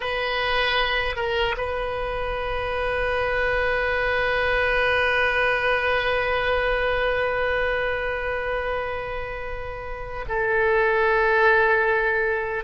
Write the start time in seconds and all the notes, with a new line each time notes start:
0.00 B4
1.16 A#4
1.57 B4
10.28 A4